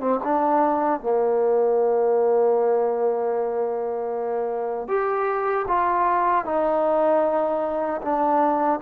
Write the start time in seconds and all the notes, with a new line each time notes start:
0.00 C4
0.24 D4
1.00 A#3
4.88 G4
5.67 F4
6.45 D#4
8.02 D4